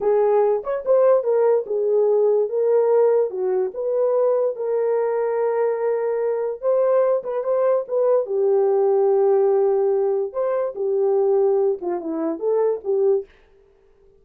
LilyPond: \new Staff \with { instrumentName = "horn" } { \time 4/4 \tempo 4 = 145 gis'4. cis''8 c''4 ais'4 | gis'2 ais'2 | fis'4 b'2 ais'4~ | ais'1 |
c''4. b'8 c''4 b'4 | g'1~ | g'4 c''4 g'2~ | g'8 f'8 e'4 a'4 g'4 | }